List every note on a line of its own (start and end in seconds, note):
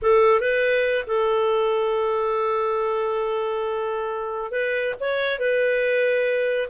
0.02 0.40 A4
0.40 1.05 B4
1.07 4.51 A4
4.51 4.94 B4
5.00 5.39 C#5
5.39 6.68 B4